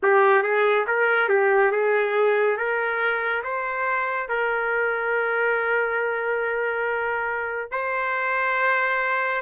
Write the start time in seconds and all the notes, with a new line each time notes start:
0.02 G4
0.42 G#4
0.86 A#4
1.29 G4
1.71 G#4
2.57 A#4
3.43 C5
4.28 A#4
7.71 C5